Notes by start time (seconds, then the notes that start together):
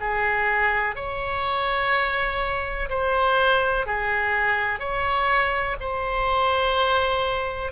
0.00 G#4
0.95 C#5
2.89 C5
3.86 G#4
4.79 C#5
5.80 C5